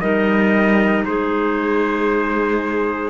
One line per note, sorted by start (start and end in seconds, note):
0.00 1.04 G3
0.00 3.10 D#4
0.00 1.04 A#4
0.00 1.03 D#5
1.05 3.10 G#3
1.05 3.10 G#4
1.05 3.10 C5